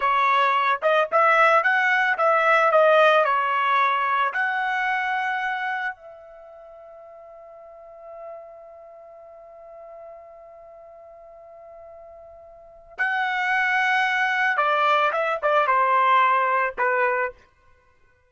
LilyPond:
\new Staff \with { instrumentName = "trumpet" } { \time 4/4 \tempo 4 = 111 cis''4. dis''8 e''4 fis''4 | e''4 dis''4 cis''2 | fis''2. e''4~ | e''1~ |
e''1~ | e''1 | fis''2. d''4 | e''8 d''8 c''2 b'4 | }